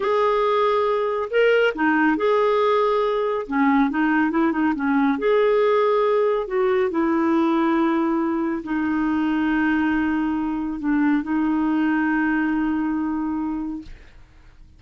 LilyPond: \new Staff \with { instrumentName = "clarinet" } { \time 4/4 \tempo 4 = 139 gis'2. ais'4 | dis'4 gis'2. | cis'4 dis'4 e'8 dis'8 cis'4 | gis'2. fis'4 |
e'1 | dis'1~ | dis'4 d'4 dis'2~ | dis'1 | }